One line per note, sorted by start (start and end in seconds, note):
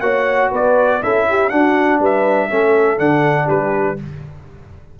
0.00 0.50 A#3
0.00 1.01 F#4
0.00 0.50 C#5
0.00 0.50 F#5
0.50 1.02 B3
0.50 1.00 B4
0.50 1.02 D5
1.02 1.50 C#4
1.02 1.50 E4
1.02 1.28 A4
1.02 1.49 E5
1.29 1.52 G4
1.49 2.49 D4
1.49 1.99 D4
1.49 2.00 F#4
1.49 1.99 F#5
1.99 2.49 G3
1.99 2.50 B4
1.99 2.98 E5
2.49 2.98 A3
2.49 2.97 C#4
2.49 3.45 A4
2.97 3.48 D3
2.97 3.96 D4
2.97 3.48 F#5
3.45 3.99 G3
3.45 3.95 G4
3.45 3.98 B4